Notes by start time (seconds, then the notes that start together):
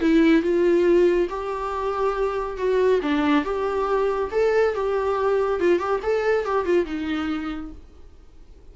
0.00 E4
0.42 F4
1.29 G4
2.57 F#4
3.02 D4
3.44 G4
4.31 A4
4.74 G4
5.59 F4
5.79 G4
6.02 A4
6.44 G4
6.65 F4
6.85 D#4